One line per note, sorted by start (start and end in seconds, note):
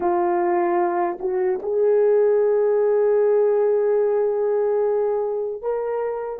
0.00 1.17 F4
1.19 1.59 F#4
1.62 5.61 G#4
5.61 6.39 A#4